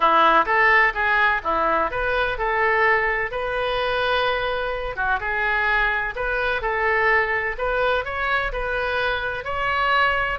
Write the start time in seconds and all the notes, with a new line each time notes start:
0.00 E4
0.45 A4
0.94 G#4
1.43 E4
1.90 B4
2.38 A4
3.31 B4
4.95 F#4
5.19 G#4
6.15 B4
6.61 A4
7.58 B4
8.04 C#5
8.52 B4
9.44 C#5